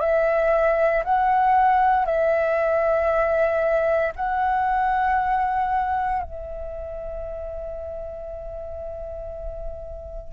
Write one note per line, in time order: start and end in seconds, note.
0.00 1.03 E5
1.04 2.05 F#5
2.05 4.12 E5
4.16 6.23 F#5
6.23 10.33 E5